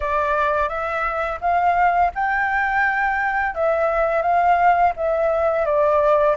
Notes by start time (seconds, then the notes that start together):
0.00 D5
0.68 E5
1.41 F5
2.14 G5
3.54 E5
4.22 F5
4.96 E5
5.65 D5